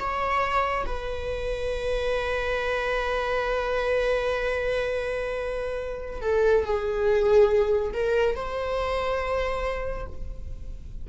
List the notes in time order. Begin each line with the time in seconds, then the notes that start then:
0.00 C#5
0.86 B4
6.22 A4
6.65 G#4
7.94 A#4
8.36 C5